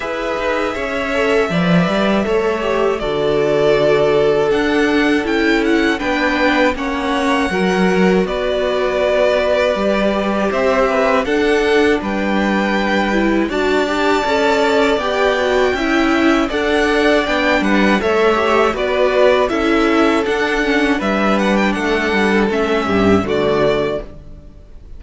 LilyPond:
<<
  \new Staff \with { instrumentName = "violin" } { \time 4/4 \tempo 4 = 80 e''1 | d''2 fis''4 g''8 fis''8 | g''4 fis''2 d''4~ | d''2 e''4 fis''4 |
g''2 a''2 | g''2 fis''4 g''8 fis''8 | e''4 d''4 e''4 fis''4 | e''8 fis''16 g''16 fis''4 e''4 d''4 | }
  \new Staff \with { instrumentName = "violin" } { \time 4/4 b'4 cis''4 d''4 cis''4 | a'1 | b'4 cis''4 ais'4 b'4~ | b'2 c''8 b'8 a'4 |
b'2 d''2~ | d''4 e''4 d''4. b'8 | cis''4 b'4 a'2 | b'4 a'4. g'8 fis'4 | }
  \new Staff \with { instrumentName = "viola" } { \time 4/4 gis'4. a'8 b'4 a'8 g'8 | fis'2 d'4 e'4 | d'4 cis'4 fis'2~ | fis'4 g'2 d'4~ |
d'4. e'8 fis'8 g'8 a'4 | g'8 fis'8 e'4 a'4 d'4 | a'8 g'8 fis'4 e'4 d'8 cis'8 | d'2 cis'4 a4 | }
  \new Staff \with { instrumentName = "cello" } { \time 4/4 e'8 dis'8 cis'4 f8 g8 a4 | d2 d'4 cis'4 | b4 ais4 fis4 b4~ | b4 g4 c'4 d'4 |
g2 d'4 cis'4 | b4 cis'4 d'4 b8 g8 | a4 b4 cis'4 d'4 | g4 a8 g8 a8 g,8 d4 | }
>>